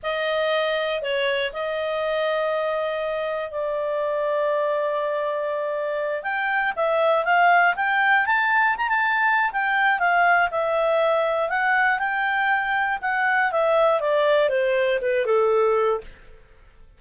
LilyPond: \new Staff \with { instrumentName = "clarinet" } { \time 4/4 \tempo 4 = 120 dis''2 cis''4 dis''4~ | dis''2. d''4~ | d''1~ | d''8 g''4 e''4 f''4 g''8~ |
g''8 a''4 ais''16 a''4~ a''16 g''4 | f''4 e''2 fis''4 | g''2 fis''4 e''4 | d''4 c''4 b'8 a'4. | }